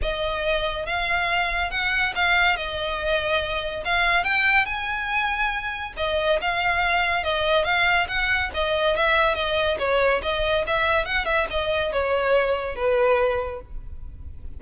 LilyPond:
\new Staff \with { instrumentName = "violin" } { \time 4/4 \tempo 4 = 141 dis''2 f''2 | fis''4 f''4 dis''2~ | dis''4 f''4 g''4 gis''4~ | gis''2 dis''4 f''4~ |
f''4 dis''4 f''4 fis''4 | dis''4 e''4 dis''4 cis''4 | dis''4 e''4 fis''8 e''8 dis''4 | cis''2 b'2 | }